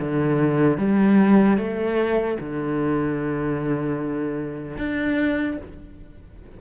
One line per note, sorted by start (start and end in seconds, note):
0.00 0.78 D3
0.78 1.58 G3
1.58 2.38 A3
2.40 4.78 D3
4.78 5.58 D4